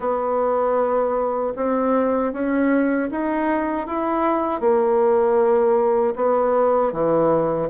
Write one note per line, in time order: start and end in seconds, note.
0.00 1.53 B3
1.56 2.32 C4
2.32 3.09 C#4
3.10 3.86 D#4
3.86 4.60 E4
4.60 6.14 A#3
6.15 6.92 B3
6.92 7.69 E3